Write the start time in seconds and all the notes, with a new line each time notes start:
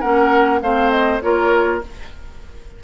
0.00 A#3 C#4 A#4 F#5
0.62 A3 C4 C5 F5
0.90 D#5
1.21 A#3 F4 A#4 C#5